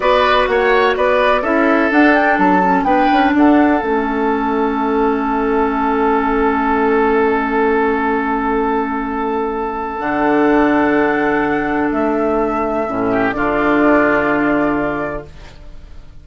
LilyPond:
<<
  \new Staff \with { instrumentName = "flute" } { \time 4/4 \tempo 4 = 126 d''4 fis''4 d''4 e''4 | fis''8 g''8 a''4 g''4 fis''4 | e''1~ | e''1~ |
e''1~ | e''4 fis''2.~ | fis''4 e''2. | d''1 | }
  \new Staff \with { instrumentName = "oboe" } { \time 4/4 b'4 cis''4 b'4 a'4~ | a'2 b'4 a'4~ | a'1~ | a'1~ |
a'1~ | a'1~ | a'2.~ a'8 g'8 | f'1 | }
  \new Staff \with { instrumentName = "clarinet" } { \time 4/4 fis'2. e'4 | d'4. cis'8 d'2 | cis'1~ | cis'1~ |
cis'1~ | cis'4 d'2.~ | d'2. cis'4 | d'1 | }
  \new Staff \with { instrumentName = "bassoon" } { \time 4/4 b4 ais4 b4 cis'4 | d'4 fis4 b8 cis'8 d'4 | a1~ | a1~ |
a1~ | a4 d2.~ | d4 a2 a,4 | d1 | }
>>